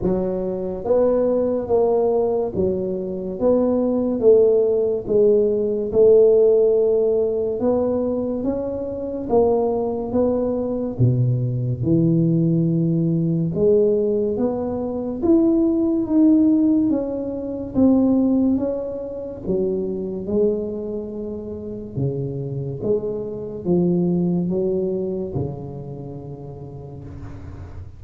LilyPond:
\new Staff \with { instrumentName = "tuba" } { \time 4/4 \tempo 4 = 71 fis4 b4 ais4 fis4 | b4 a4 gis4 a4~ | a4 b4 cis'4 ais4 | b4 b,4 e2 |
gis4 b4 e'4 dis'4 | cis'4 c'4 cis'4 fis4 | gis2 cis4 gis4 | f4 fis4 cis2 | }